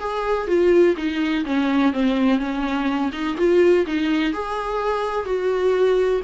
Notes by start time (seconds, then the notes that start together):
0.00 G#4
0.48 F4
0.97 D#4
1.46 C#4
1.93 C4
2.39 C#4
3.13 D#4
3.38 F4
3.87 D#4
4.34 G#4
5.26 F#4